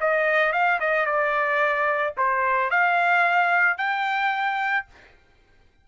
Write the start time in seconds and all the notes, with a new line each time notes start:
0.00 D#5
0.52 F5
0.80 D#5
1.06 D5
2.17 C5
2.70 F5
3.77 G5